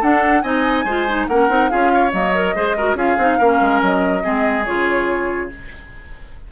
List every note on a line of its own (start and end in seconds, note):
0.00 0.43 D4
0.00 0.42 A4
0.00 0.42 F#5
0.42 0.84 C4
0.42 0.85 D#4
0.42 0.85 D#5
0.42 1.26 G#5
0.84 1.26 G#3
0.84 1.08 F4
0.84 1.27 C5
1.08 1.29 D#4
1.27 1.49 A#3
1.27 1.49 C#4
1.27 1.71 A#4
1.27 1.69 F#5
1.49 1.70 C4
1.49 1.70 D#4
1.69 2.12 C#4
1.69 2.11 F4
1.69 1.92 G#4
1.69 2.11 F5
1.94 2.55 C#5
2.11 2.55 F#3
2.11 2.32 A#3
2.11 2.96 D#5
2.34 2.55 A#4
2.55 2.94 G#3
2.55 2.76 G#4
2.55 2.76 C5
2.76 2.96 F#4
2.76 2.96 A#4
2.94 3.15 C#4
2.94 3.17 F4
2.94 3.38 G#4
2.94 3.82 F5
3.18 3.39 C4
3.18 3.40 D#4
3.38 3.60 A#3
3.38 4.21 C#4
3.38 4.22 A#4
3.60 3.81 G#3
3.81 4.24 F#3
3.81 4.65 D#5
4.21 4.67 G#3
4.21 4.63 C4
4.21 5.50 G#4
4.65 5.51 C#3
4.65 5.50 F4
4.65 5.49 C#5